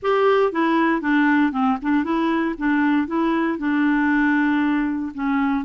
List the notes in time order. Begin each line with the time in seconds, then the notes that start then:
0.02 G4
0.52 E4
1.01 D4
1.52 C4
1.81 D4
2.03 E4
2.58 D4
3.07 E4
3.58 D4
5.14 C#4